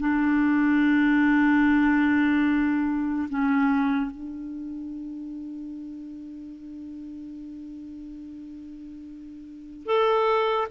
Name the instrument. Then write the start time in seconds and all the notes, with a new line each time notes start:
clarinet
0.00 D4
3.30 C#4
4.11 D4
9.86 A4